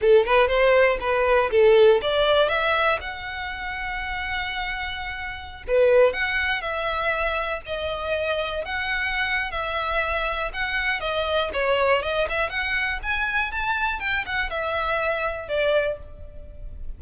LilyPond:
\new Staff \with { instrumentName = "violin" } { \time 4/4 \tempo 4 = 120 a'8 b'8 c''4 b'4 a'4 | d''4 e''4 fis''2~ | fis''2.~ fis''16 b'8.~ | b'16 fis''4 e''2 dis''8.~ |
dis''4~ dis''16 fis''4.~ fis''16 e''4~ | e''4 fis''4 dis''4 cis''4 | dis''8 e''8 fis''4 gis''4 a''4 | g''8 fis''8 e''2 d''4 | }